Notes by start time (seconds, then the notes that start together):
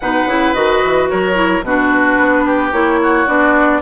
0.00 B2 D#4 B4 F#5
0.26 C#3 E4
0.53 D#3 F#4 D#5
0.84 E3
1.09 F#3 A#4 C#5
1.34 E4
1.61 B2 D4 F#4 B4
2.19 B3
2.45 G4
2.72 A#3 E4 C#5
3.02 F#4
3.27 B3 D4 D5